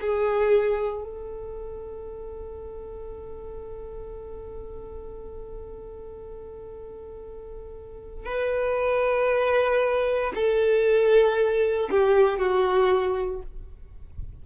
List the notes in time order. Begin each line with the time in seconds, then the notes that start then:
0.00 G#4
1.03 A4
8.25 B4
10.34 A4
11.90 G4
12.38 F#4